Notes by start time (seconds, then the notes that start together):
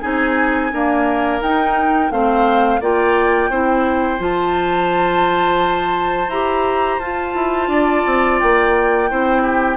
0.00 C4 D#4 G#4 G#5
0.73 A#3 D4 A#4
1.42 D#4 G5
2.11 A3 C4 C5 F5
2.81 A#3 F4 D5 G5
3.50 C4 E4 C5
4.19 F3 F4 A5
6.28 E4 G4 A#5
6.99 F4 A5
7.35 E4
7.68 D4 D5
8.06 C4
8.40 A#3 G5
9.10 C4 E4 C5
9.43 G4